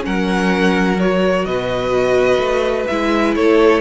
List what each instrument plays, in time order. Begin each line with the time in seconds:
0.00 cello F#3, viola C#4, violin A#4 F#5
0.99 viola F#4, violin C#5
1.45 cello B2, violin B4 D#5
2.38 cello A3
2.86 cello G#3, viola E4, violin E5
3.35 cello A3, violin A4 C#5